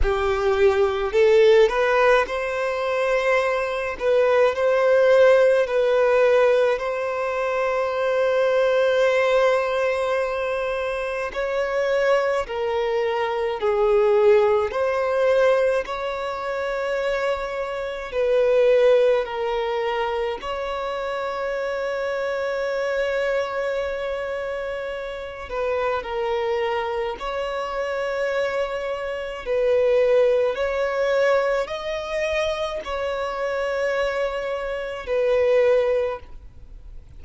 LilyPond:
\new Staff \with { instrumentName = "violin" } { \time 4/4 \tempo 4 = 53 g'4 a'8 b'8 c''4. b'8 | c''4 b'4 c''2~ | c''2 cis''4 ais'4 | gis'4 c''4 cis''2 |
b'4 ais'4 cis''2~ | cis''2~ cis''8 b'8 ais'4 | cis''2 b'4 cis''4 | dis''4 cis''2 b'4 | }